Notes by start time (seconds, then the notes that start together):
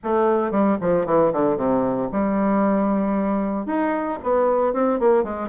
0.03 A3
0.51 G3
0.80 F3
1.06 E3
1.32 D3
1.56 C3
2.12 G3
3.66 D#4
4.23 B3
4.73 C4
4.99 A#3
5.23 G#3